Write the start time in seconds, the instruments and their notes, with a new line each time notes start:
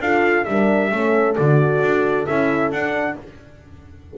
0.00 double bass D4, horn F4 A4, trumpet F5
0.45 double bass G3, horn D4 A#4, trumpet E5
0.91 double bass A3, horn C#4 A4
1.37 double bass D3, horn F#4, trumpet D5
1.81 double bass D4
2.26 double bass C#4, horn E4, trumpet E5
2.71 double bass D4, horn D4, trumpet F#5